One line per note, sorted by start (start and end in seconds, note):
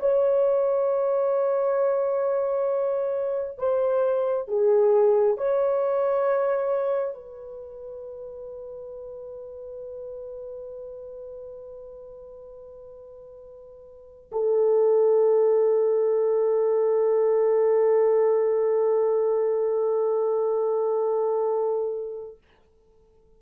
0.00 3.58 C#5
3.58 4.48 C5
4.48 5.37 G#4
5.37 7.14 C#5
7.14 14.31 B4
14.32 22.38 A4